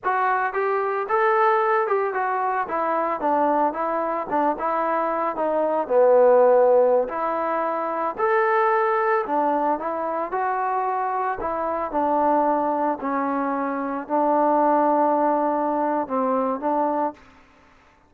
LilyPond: \new Staff \with { instrumentName = "trombone" } { \time 4/4 \tempo 4 = 112 fis'4 g'4 a'4. g'8 | fis'4 e'4 d'4 e'4 | d'8 e'4. dis'4 b4~ | b4~ b16 e'2 a'8.~ |
a'4~ a'16 d'4 e'4 fis'8.~ | fis'4~ fis'16 e'4 d'4.~ d'16~ | d'16 cis'2 d'4.~ d'16~ | d'2 c'4 d'4 | }